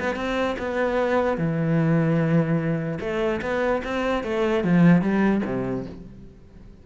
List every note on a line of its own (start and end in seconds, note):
0.00 0.16 B3
0.16 0.56 C4
0.59 1.38 B3
1.38 2.99 E3
3.01 3.41 A3
3.42 3.82 B3
3.84 4.24 C4
4.24 4.64 A3
4.64 5.02 F3
5.02 5.42 G3
5.45 5.86 C3